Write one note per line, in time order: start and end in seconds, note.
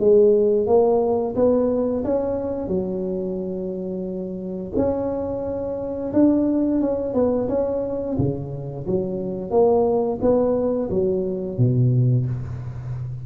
0.00 0.67 G#3
0.67 1.35 A#3
1.36 2.04 B3
2.05 2.68 C#4
2.68 4.73 F#3
4.76 6.13 C#4
6.13 6.82 D4
6.82 7.14 C#4
7.14 7.48 B3
7.49 8.18 C#4
8.18 8.87 C#3
8.87 9.51 F#3
9.51 10.19 A#3
10.22 10.90 B3
10.90 11.58 F#3
11.58 12.26 B2